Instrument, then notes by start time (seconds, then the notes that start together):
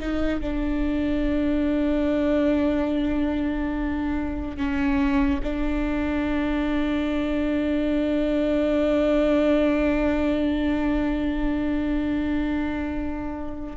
viola
0.00 D#4
0.41 D4
4.57 C#4
5.43 D4